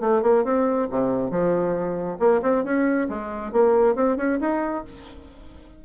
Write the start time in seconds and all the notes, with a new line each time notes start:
0.00 A3
0.22 A#3
0.44 C4
0.91 C3
1.30 F3
2.19 A#3
2.42 C4
2.64 C#4
3.09 G#3
3.52 A#3
3.95 C4
4.17 C#4
4.41 D#4